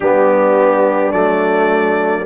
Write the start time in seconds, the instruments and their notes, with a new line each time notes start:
0.00 tuba G3, trombone B3, horn D4, trumpet G4
1.12 tuba F#3, trombone A3, trumpet D5